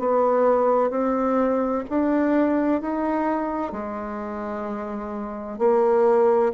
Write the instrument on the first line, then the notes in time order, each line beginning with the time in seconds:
bassoon
0.00 B3
0.91 C4
1.90 D4
2.82 D#4
3.72 G#3
5.59 A#3